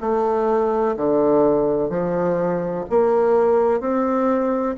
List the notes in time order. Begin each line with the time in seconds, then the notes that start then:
0.00 A3
0.97 D3
1.89 F3
2.90 A#3
3.80 C4